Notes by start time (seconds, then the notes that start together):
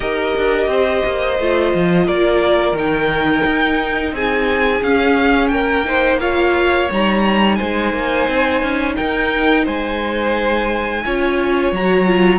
0.00 D#4 G4 A#4 D#5
0.36 D4
0.67 C4 C5
1.05 A#3
1.39 A3 F4
1.73 F3
2.06 A#3 A#4 D5
2.72 D#3 D#4 G5
3.46 D#4
4.12 C4 G#4 G#5
4.82 C#4 F5
5.47 A#3 A#4 G5
5.84 D#4 C5
6.20 F4 C#5 F5
6.90 G3 D#4 A#5
7.55 G#3 C5 G#5
7.93 A#3
8.28 C4
8.62 C#4
8.95 D#4 A#4 G5
9.64 G#3 C5 G#5
11.05 C#4 F4 C#5
11.72 F#3 F#4 A#5
12.06 F4